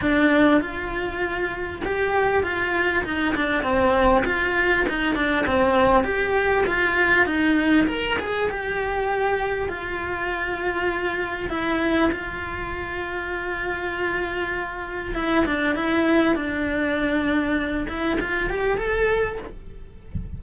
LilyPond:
\new Staff \with { instrumentName = "cello" } { \time 4/4 \tempo 4 = 99 d'4 f'2 g'4 | f'4 dis'8 d'8 c'4 f'4 | dis'8 d'8 c'4 g'4 f'4 | dis'4 ais'8 gis'8 g'2 |
f'2. e'4 | f'1~ | f'4 e'8 d'8 e'4 d'4~ | d'4. e'8 f'8 g'8 a'4 | }